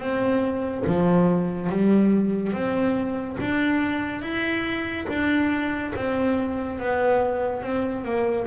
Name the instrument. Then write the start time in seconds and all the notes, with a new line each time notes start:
double bass
0.00 C4
0.87 F3
1.70 G3
2.53 C4
3.40 D4
4.22 E4
5.09 D4
5.96 C4
6.80 B3
7.63 C4
8.05 A#3